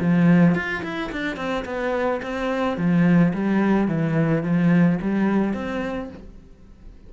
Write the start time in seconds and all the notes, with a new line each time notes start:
0.00 F3
0.55 F4
0.83 E4
1.12 D4
1.37 C4
1.66 B3
2.23 C4
2.78 F3
3.34 G3
3.88 E3
4.43 F3
5.02 G3
5.54 C4